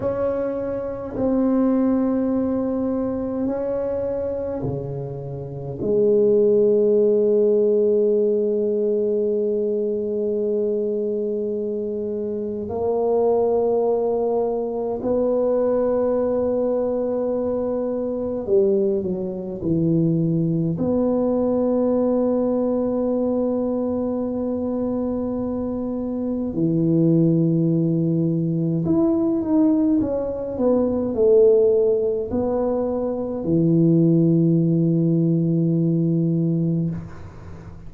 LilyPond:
\new Staff \with { instrumentName = "tuba" } { \time 4/4 \tempo 4 = 52 cis'4 c'2 cis'4 | cis4 gis2.~ | gis2. ais4~ | ais4 b2. |
g8 fis8 e4 b2~ | b2. e4~ | e4 e'8 dis'8 cis'8 b8 a4 | b4 e2. | }